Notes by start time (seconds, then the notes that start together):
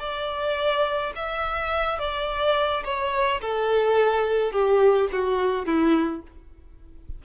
0.00 D5
1.16 E5
1.99 D5
2.85 C#5
3.42 A4
4.53 G4
5.13 F#4
5.66 E4